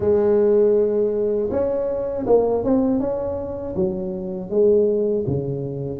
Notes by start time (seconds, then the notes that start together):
0.00 G#3
1.50 C#4
2.26 A#3
2.64 C4
3.00 C#4
3.75 F#3
4.50 G#3
5.26 C#3